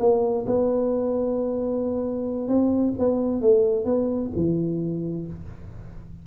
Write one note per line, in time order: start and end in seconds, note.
0.00 0.45 A#3
0.47 2.49 B3
2.49 2.94 C4
2.99 3.42 B3
3.42 3.85 A3
3.85 4.31 B3
4.36 5.27 E3